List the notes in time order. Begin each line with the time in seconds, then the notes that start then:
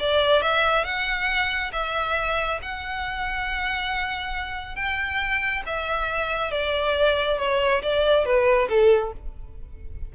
0.00 D5
0.42 E5
0.85 F#5
1.73 E5
2.62 F#5
4.76 G5
5.66 E5
6.52 D5
7.39 C#5
7.83 D5
8.25 B4
8.69 A4